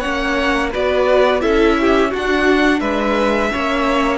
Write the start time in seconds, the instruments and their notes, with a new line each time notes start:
0.00 cello A#3, viola C#4, violin C#5 F#5
0.71 cello B3, viola F#4, violin B4 D5
1.40 cello C#4, viola E4, violin A4 E5
1.80 violin G4
2.10 cello D4, viola D4, violin F#4 F#5
2.80 cello G#3, violin B4 E5
3.52 cello A#3, viola C#4, violin C#5